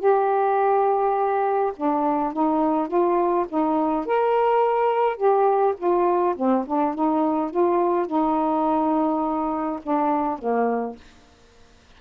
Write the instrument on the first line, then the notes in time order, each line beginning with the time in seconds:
saxophone
0.00 G4
1.76 D4
2.33 D#4
2.88 F4
3.49 D#4
4.06 A#4
5.17 G4
5.78 F4
6.37 C4
6.67 D4
6.95 D#4
7.51 F4
8.07 D#4
9.83 D4
10.39 A#3